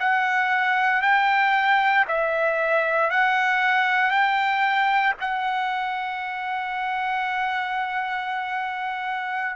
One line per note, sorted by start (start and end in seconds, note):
0.00 1.02 F#5
1.02 2.05 G5
2.08 3.11 E5
3.11 4.11 F#5
4.11 5.14 G5
5.21 9.56 F#5